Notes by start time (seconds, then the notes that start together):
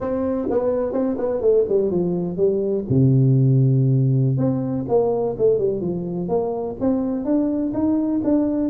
0.00 C4
0.50 B3
0.93 C4
1.18 B3
1.41 A3
1.68 G3
1.90 F3
2.36 G3
2.89 C3
4.37 C4
4.88 A#3
5.37 A3
5.58 G3
5.81 F3
6.28 A#3
6.80 C4
7.24 D4
7.73 D#4
8.23 D4